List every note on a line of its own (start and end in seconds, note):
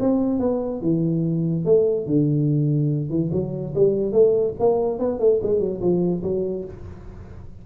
0.00 0.40 C4
0.40 0.82 B3
0.82 1.65 E3
1.66 2.07 A3
2.07 3.10 D3
3.10 3.31 E3
3.33 3.74 F#3
3.75 4.12 G3
4.12 4.54 A3
4.60 4.99 A#3
4.99 5.20 B3
5.20 5.41 A3
5.43 5.60 G#3
5.60 5.81 F#3
5.81 6.23 F3
6.23 6.65 F#3